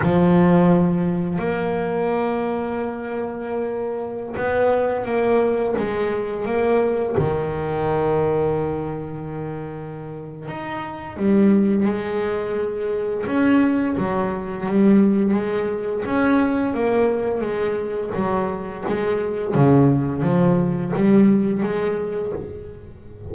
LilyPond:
\new Staff \with { instrumentName = "double bass" } { \time 4/4 \tempo 4 = 86 f2 ais2~ | ais2~ ais16 b4 ais8.~ | ais16 gis4 ais4 dis4.~ dis16~ | dis2. dis'4 |
g4 gis2 cis'4 | fis4 g4 gis4 cis'4 | ais4 gis4 fis4 gis4 | cis4 f4 g4 gis4 | }